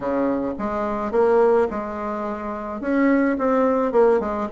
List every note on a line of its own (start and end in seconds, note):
0.00 0.53 C#3
0.58 1.11 G#3
1.11 1.67 A#3
1.70 2.80 G#3
2.80 3.36 C#4
3.38 3.92 C4
3.92 4.20 A#3
4.20 4.48 G#3